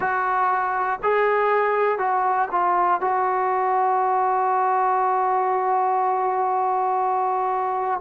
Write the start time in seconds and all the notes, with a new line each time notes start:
0.00 F#4
1.02 G#4
1.98 F#4
2.50 F4
3.00 F#4